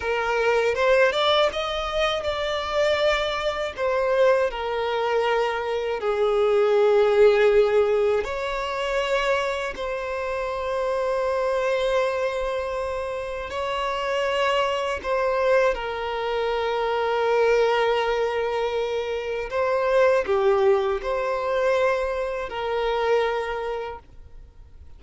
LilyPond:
\new Staff \with { instrumentName = "violin" } { \time 4/4 \tempo 4 = 80 ais'4 c''8 d''8 dis''4 d''4~ | d''4 c''4 ais'2 | gis'2. cis''4~ | cis''4 c''2.~ |
c''2 cis''2 | c''4 ais'2.~ | ais'2 c''4 g'4 | c''2 ais'2 | }